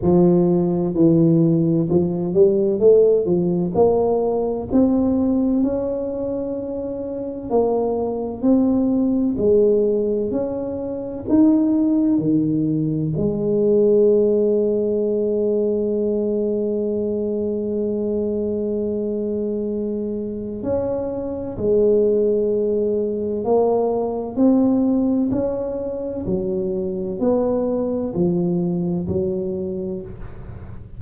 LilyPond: \new Staff \with { instrumentName = "tuba" } { \time 4/4 \tempo 4 = 64 f4 e4 f8 g8 a8 f8 | ais4 c'4 cis'2 | ais4 c'4 gis4 cis'4 | dis'4 dis4 gis2~ |
gis1~ | gis2 cis'4 gis4~ | gis4 ais4 c'4 cis'4 | fis4 b4 f4 fis4 | }